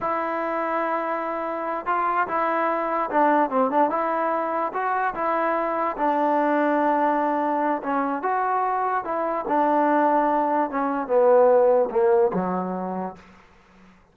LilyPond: \new Staff \with { instrumentName = "trombone" } { \time 4/4 \tempo 4 = 146 e'1~ | e'8 f'4 e'2 d'8~ | d'8 c'8 d'8 e'2 fis'8~ | fis'8 e'2 d'4.~ |
d'2. cis'4 | fis'2 e'4 d'4~ | d'2 cis'4 b4~ | b4 ais4 fis2 | }